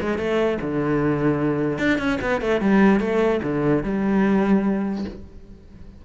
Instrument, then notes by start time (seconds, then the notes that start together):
cello
0.00 G#3
0.18 A3
0.61 D3
1.78 D4
1.98 C#4
2.21 B3
2.41 A3
2.60 G3
3.00 A3
3.43 D3
3.83 G3